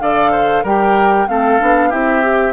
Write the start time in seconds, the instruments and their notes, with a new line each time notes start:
0.00 bassoon D3, clarinet A4, oboe D5, flute F5
0.31 oboe C5
0.63 bassoon G3, clarinet G4, oboe A#4, flute G5
1.28 bassoon A3, clarinet C4, oboe A4, flute F5
1.59 bassoon B3, clarinet D4
1.89 bassoon C4, clarinet E4, oboe G4, flute E5
2.22 clarinet G4